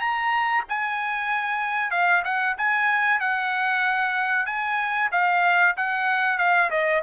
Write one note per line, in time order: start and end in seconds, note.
0.00 0.64 A#5
0.69 1.91 G#5
1.91 2.23 F5
2.25 2.56 F#5
2.58 3.20 G#5
3.20 4.46 F#5
4.46 5.10 G#5
5.12 5.75 F5
5.77 6.38 F#5
6.38 6.70 F5
6.71 7.02 D#5